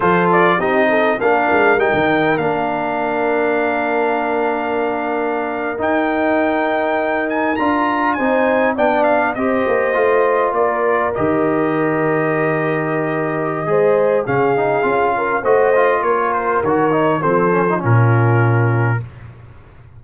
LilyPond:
<<
  \new Staff \with { instrumentName = "trumpet" } { \time 4/4 \tempo 4 = 101 c''8 d''8 dis''4 f''4 g''4 | f''1~ | f''4.~ f''16 g''2~ g''16~ | g''16 gis''8 ais''4 gis''4 g''8 f''8 dis''16~ |
dis''4.~ dis''16 d''4 dis''4~ dis''16~ | dis''1 | f''2 dis''4 cis''8 c''8 | cis''4 c''4 ais'2 | }
  \new Staff \with { instrumentName = "horn" } { \time 4/4 a'4 g'8 a'8 ais'2~ | ais'1~ | ais'1~ | ais'4.~ ais'16 c''4 d''4 c''16~ |
c''4.~ c''16 ais'2~ ais'16~ | ais'2. c''4 | gis'4. ais'8 c''4 ais'4~ | ais'4 a'4 f'2 | }
  \new Staff \with { instrumentName = "trombone" } { \time 4/4 f'4 dis'4 d'4 dis'4 | d'1~ | d'4.~ d'16 dis'2~ dis'16~ | dis'8. f'4 dis'4 d'4 g'16~ |
g'8. f'2 g'4~ g'16~ | g'2. gis'4 | cis'8 dis'8 f'4 fis'8 f'4. | fis'8 dis'8 c'8 cis'16 dis'16 cis'2 | }
  \new Staff \with { instrumentName = "tuba" } { \time 4/4 f4 c'4 ais8 gis8 g16 dis8. | ais1~ | ais4.~ ais16 dis'2~ dis'16~ | dis'8. d'4 c'4 b4 c'16~ |
c'16 ais8 a4 ais4 dis4~ dis16~ | dis2. gis4 | cis4 cis'4 a4 ais4 | dis4 f4 ais,2 | }
>>